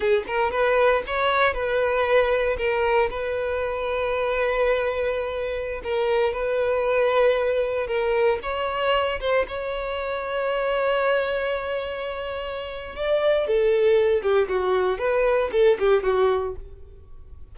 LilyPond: \new Staff \with { instrumentName = "violin" } { \time 4/4 \tempo 4 = 116 gis'8 ais'8 b'4 cis''4 b'4~ | b'4 ais'4 b'2~ | b'2.~ b'16 ais'8.~ | ais'16 b'2. ais'8.~ |
ais'16 cis''4. c''8 cis''4.~ cis''16~ | cis''1~ | cis''4 d''4 a'4. g'8 | fis'4 b'4 a'8 g'8 fis'4 | }